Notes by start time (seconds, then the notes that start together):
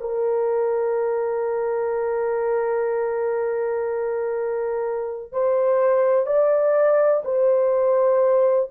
0.00 A#4
5.32 C5
6.26 D5
7.24 C5